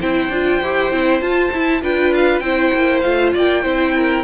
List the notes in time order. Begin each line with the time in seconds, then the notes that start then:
0.00 C4 E4 C5 G5
0.29 D4 F4
0.63 E4 G4
0.92 C4 E4
1.21 F4 A5
1.52 E4
1.82 D4 F4 B4 G5
2.15 F5
2.40 C4 E4 C5 G5
2.74 A#3
3.01 A3 F4 F5
3.33 A#3 D5 G5
3.62 C4 E4 C5
3.96 A#4